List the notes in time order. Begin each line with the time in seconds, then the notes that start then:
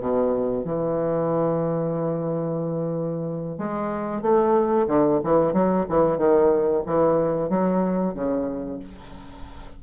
0.00 B2
0.65 E3
3.58 G#3
4.22 A3
4.87 D3
5.24 E3
5.53 F#3
5.89 E3
6.18 D#3
6.86 E3
7.49 F#3
8.14 C#3